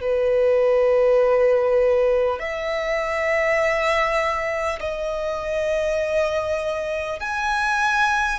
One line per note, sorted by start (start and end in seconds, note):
0.00 2.39 B4
2.39 4.79 E5
4.79 7.19 D#5
7.20 8.39 G#5